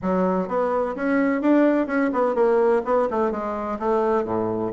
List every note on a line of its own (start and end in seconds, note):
0.02 0.48 F#3
0.48 0.95 B3
0.95 1.41 C#4
1.41 1.86 D4
1.86 2.10 C#4
2.13 2.34 B3
2.34 2.82 A#3
2.85 3.08 B3
3.10 3.31 A3
3.31 3.78 G#3
3.79 4.24 A3
4.24 4.71 A2